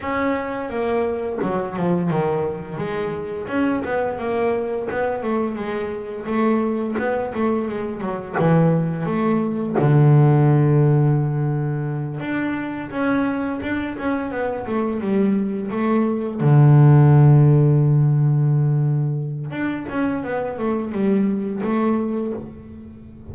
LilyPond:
\new Staff \with { instrumentName = "double bass" } { \time 4/4 \tempo 4 = 86 cis'4 ais4 fis8 f8 dis4 | gis4 cis'8 b8 ais4 b8 a8 | gis4 a4 b8 a8 gis8 fis8 | e4 a4 d2~ |
d4. d'4 cis'4 d'8 | cis'8 b8 a8 g4 a4 d8~ | d1 | d'8 cis'8 b8 a8 g4 a4 | }